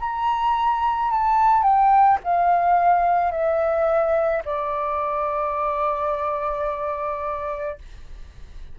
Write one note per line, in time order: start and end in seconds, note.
0.00 1.11 A#5
1.11 1.63 A5
1.63 2.19 G5
2.24 3.32 F5
3.32 4.43 E5
4.45 7.79 D5